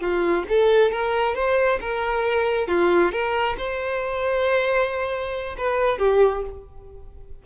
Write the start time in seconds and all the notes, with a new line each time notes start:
0.00 F4
0.49 A4
0.91 A#4
1.35 C5
1.81 A#4
2.68 F4
3.12 A#4
3.57 C5
5.58 B4
5.98 G4